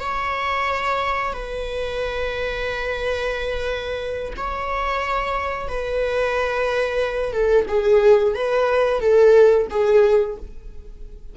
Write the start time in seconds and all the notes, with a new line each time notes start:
0.00 C#5
1.33 B4
4.37 C#5
5.68 B4
7.33 A4
7.68 G#4
8.35 B4
9.01 A4
9.70 G#4